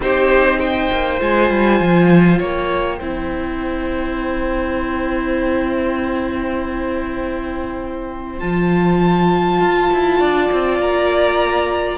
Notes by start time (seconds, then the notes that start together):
0.00 C4 D#4 G4 C5
0.59 C5 G5
0.92 A#3
1.19 G#3 F4 G#5
1.50 G3
1.80 F3
2.38 A#3 C#5 G5
2.98 C4 E4 C5
8.39 F3 F4 A5
9.61 F4
9.93 E4
10.19 D4 D5
10.52 C4
10.79 A#3 A#5